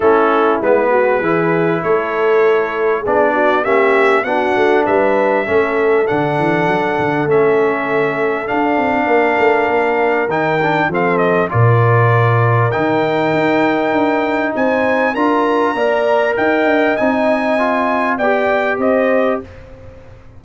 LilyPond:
<<
  \new Staff \with { instrumentName = "trumpet" } { \time 4/4 \tempo 4 = 99 a'4 b'2 cis''4~ | cis''4 d''4 e''4 fis''4 | e''2 fis''2 | e''2 f''2~ |
f''4 g''4 f''8 dis''8 d''4~ | d''4 g''2. | gis''4 ais''2 g''4 | gis''2 g''4 dis''4 | }
  \new Staff \with { instrumentName = "horn" } { \time 4/4 e'4. fis'8 gis'4 a'4~ | a'4 gis'8 fis'8 g'4 fis'4 | b'4 a'2.~ | a'2. ais'4~ |
ais'2 a'4 ais'4~ | ais'1 | c''4 ais'4 d''4 dis''4~ | dis''2 d''4 c''4 | }
  \new Staff \with { instrumentName = "trombone" } { \time 4/4 cis'4 b4 e'2~ | e'4 d'4 cis'4 d'4~ | d'4 cis'4 d'2 | cis'2 d'2~ |
d'4 dis'8 d'8 c'4 f'4~ | f'4 dis'2.~ | dis'4 f'4 ais'2 | dis'4 f'4 g'2 | }
  \new Staff \with { instrumentName = "tuba" } { \time 4/4 a4 gis4 e4 a4~ | a4 b4 ais4 b8 a8 | g4 a4 d8 e8 fis8 d8 | a2 d'8 c'8 ais8 a8 |
ais4 dis4 f4 ais,4~ | ais,4 dis4 dis'4 d'4 | c'4 d'4 ais4 dis'8 d'8 | c'2 b4 c'4 | }
>>